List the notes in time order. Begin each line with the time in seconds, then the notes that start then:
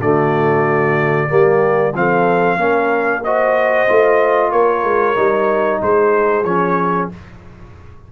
0.00 D3 A3 F#4 D5
1.28 G3 A#3 G4
1.94 F3 C4 A4 F5
2.57 A#3 C#4 A#4
3.24 F#4 C5 D#5
3.88 A3 F4
4.51 A#3 A#4 C#5
4.83 G#3
5.15 G3 D#4
5.81 G#3 G#4 C5
6.44 F3 C#4 C#5